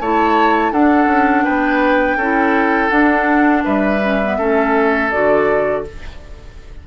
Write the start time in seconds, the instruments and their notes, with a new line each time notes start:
0.00 bassoon A3, clarinet E4, oboe C#5, flute A5
0.71 bassoon D4, clarinet D4, oboe A4, flute F#5
1.07 bassoon C#4
1.44 bassoon B3, oboe B4, flute G5
2.16 bassoon C#4, clarinet E4, oboe A4
2.89 clarinet D4, bassoon D4, flute F#5
3.64 bassoon G3, oboe B4, flute E5
4.03 clarinet C#4
4.23 clarinet B3
4.38 bassoon A3, clarinet C#4, oboe A4
5.11 bassoon D3, clarinet F#4, flute D5